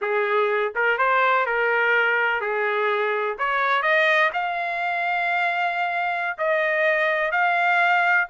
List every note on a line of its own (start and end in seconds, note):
0.01 0.73 G#4
0.75 0.97 A#4
0.97 1.45 C5
1.46 2.40 A#4
2.40 3.36 G#4
3.38 3.82 C#5
3.82 4.30 D#5
4.33 6.37 F5
6.38 7.31 D#5
7.31 8.27 F5